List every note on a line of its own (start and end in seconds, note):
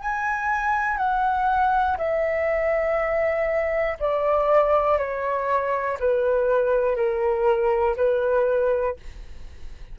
0.00 0.98 G#5
0.98 1.98 F#5
1.98 3.98 E5
4.00 4.99 D5
4.99 5.99 C#5
6.00 6.96 B4
6.96 7.96 A#4
7.96 8.96 B4